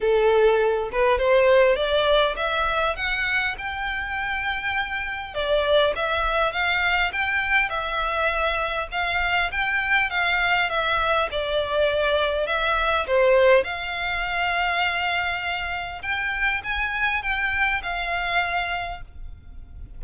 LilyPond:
\new Staff \with { instrumentName = "violin" } { \time 4/4 \tempo 4 = 101 a'4. b'8 c''4 d''4 | e''4 fis''4 g''2~ | g''4 d''4 e''4 f''4 | g''4 e''2 f''4 |
g''4 f''4 e''4 d''4~ | d''4 e''4 c''4 f''4~ | f''2. g''4 | gis''4 g''4 f''2 | }